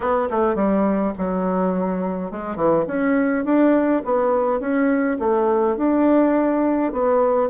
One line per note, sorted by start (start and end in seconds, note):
0.00 0.29 B3
0.30 0.55 A3
0.55 1.12 G3
1.18 2.31 F#3
2.31 2.55 G#3
2.55 2.84 E3
2.87 3.45 C#4
3.45 4.02 D4
4.04 4.60 B3
4.60 5.17 C#4
5.19 5.76 A3
5.76 6.92 D4
6.92 7.49 B3